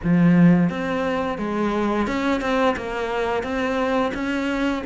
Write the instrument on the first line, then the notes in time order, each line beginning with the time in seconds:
cello
0.03 F3
0.69 C4
1.38 G#3
2.07 C#4
2.41 C4
2.76 A#3
3.43 C4
4.14 C#4